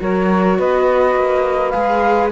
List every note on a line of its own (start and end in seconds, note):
0.00 0.59 F#3
0.00 1.73 F#4
0.00 0.58 A#4
0.00 0.59 C#5
0.58 1.16 B3
0.58 2.32 B4
0.58 1.70 D#5
1.16 1.74 A#3
1.70 2.32 G#3
1.70 2.32 G#4
1.70 2.28 F5